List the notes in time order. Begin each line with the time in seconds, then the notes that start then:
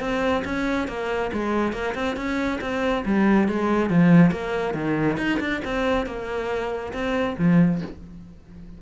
0.00 C4
0.44 C#4
0.88 A#3
1.32 G#3
1.72 A#3
1.94 C4
2.16 C#4
2.61 C4
3.05 G3
3.48 G#3
3.89 F3
4.31 A#3
4.74 D#3
5.17 D#4
5.40 D4
5.64 C4
6.06 A#3
6.93 C4
7.38 F3